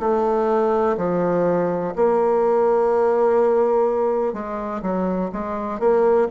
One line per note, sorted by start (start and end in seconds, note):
0.00 0.97 A3
0.97 1.94 F3
1.96 4.33 A#3
4.33 4.82 G#3
4.82 5.30 F#3
5.32 5.80 G#3
5.80 6.28 A#3